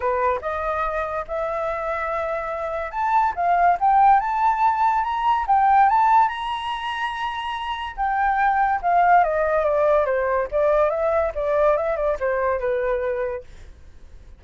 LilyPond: \new Staff \with { instrumentName = "flute" } { \time 4/4 \tempo 4 = 143 b'4 dis''2 e''4~ | e''2. a''4 | f''4 g''4 a''2 | ais''4 g''4 a''4 ais''4~ |
ais''2. g''4~ | g''4 f''4 dis''4 d''4 | c''4 d''4 e''4 d''4 | e''8 d''8 c''4 b'2 | }